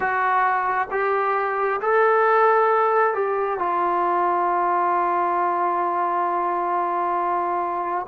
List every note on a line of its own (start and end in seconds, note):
0.00 0.88 F#4
0.90 1.80 G4
1.81 3.13 A4
3.13 3.58 G4
3.58 8.06 F4